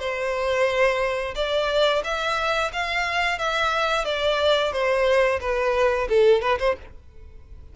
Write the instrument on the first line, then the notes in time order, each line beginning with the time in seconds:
violin
0.00 C5
1.35 D5
2.04 E5
2.73 F5
3.39 E5
4.05 D5
4.73 C5
5.41 B4
6.09 A4
6.42 B4
6.59 C5